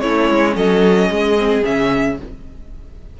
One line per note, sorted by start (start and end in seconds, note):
0.00 0.30 A3
0.00 1.36 C#4
0.00 0.56 E4
0.00 0.54 C#5
0.30 0.56 G#3
0.56 1.09 F#3
0.56 1.09 A4
0.56 1.63 D#5
1.09 1.63 G#3
1.09 2.16 G#4
1.38 1.63 C4
1.63 2.19 C#3
1.63 2.16 C#4
1.63 2.18 E5